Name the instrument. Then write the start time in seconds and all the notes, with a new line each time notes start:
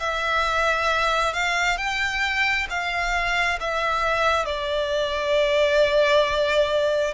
violin
0.00 E5
1.34 F5
1.77 G5
2.70 F5
3.61 E5
4.46 D5